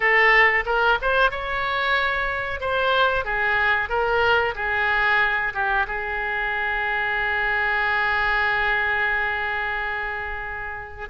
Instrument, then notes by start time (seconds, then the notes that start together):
oboe
0.00 A4
0.65 A#4
1.01 C5
1.30 C#5
2.60 C5
3.25 G#4
3.89 A#4
4.55 G#4
5.53 G4
5.87 G#4